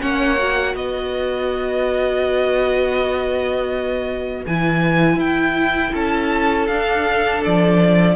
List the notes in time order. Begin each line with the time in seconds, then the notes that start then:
0.00 A#3 C#4 C#5 F#5
0.38 F#4
0.74 B3 B4 D#5
4.46 E3 E4 G#5
5.15 E4 G5
5.92 C#4 A4 A5
6.67 D4 F5
7.44 F3 D5